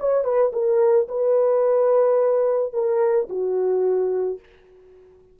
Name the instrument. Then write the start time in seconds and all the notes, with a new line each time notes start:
horn
0.00 C#5
0.24 B4
0.53 A#4
1.08 B4
2.73 A#4
3.29 F#4